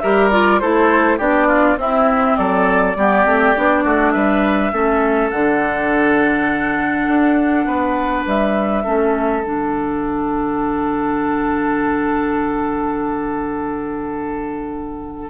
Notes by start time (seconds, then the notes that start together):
0.00 G3 G4 A#4 E5
0.30 F4 D5
0.59 A3 E4 A4 C5
1.18 B3 D4 G4 D5
1.47 F4
1.76 C4 E4 E5
2.37 F#3 A4 D5
2.96 G3 B3 G4
3.25 A3 C4
3.56 B3 D4
3.84 A3 F#4
4.12 G3 B4 E5
4.73 A3 C#4 A4
5.30 D3 D4 F#5
7.07 D4
7.66 B3 B4
8.26 G3 E5
8.84 A3 C#4 A4
9.43 D3 D4 F#5